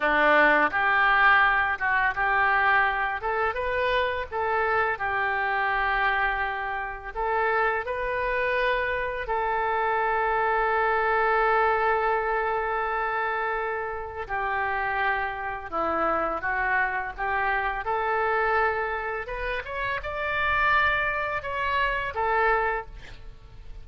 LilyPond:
\new Staff \with { instrumentName = "oboe" } { \time 4/4 \tempo 4 = 84 d'4 g'4. fis'8 g'4~ | g'8 a'8 b'4 a'4 g'4~ | g'2 a'4 b'4~ | b'4 a'2.~ |
a'1 | g'2 e'4 fis'4 | g'4 a'2 b'8 cis''8 | d''2 cis''4 a'4 | }